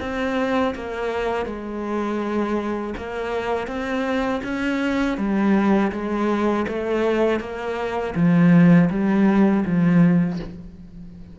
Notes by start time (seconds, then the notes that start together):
0.00 C4
0.75 A#3
1.46 G#3
2.97 A#3
3.67 C4
4.44 C#4
5.18 G3
5.92 G#3
6.68 A3
7.40 A#3
8.15 F3
8.90 G3
9.65 F3